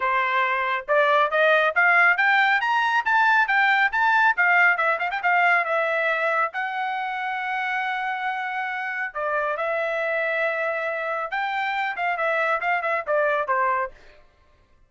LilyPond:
\new Staff \with { instrumentName = "trumpet" } { \time 4/4 \tempo 4 = 138 c''2 d''4 dis''4 | f''4 g''4 ais''4 a''4 | g''4 a''4 f''4 e''8 f''16 g''16 | f''4 e''2 fis''4~ |
fis''1~ | fis''4 d''4 e''2~ | e''2 g''4. f''8 | e''4 f''8 e''8 d''4 c''4 | }